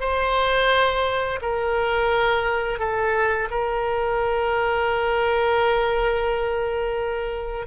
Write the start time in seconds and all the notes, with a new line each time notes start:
0.00 C5
1.42 A#4
2.79 A4
3.50 A#4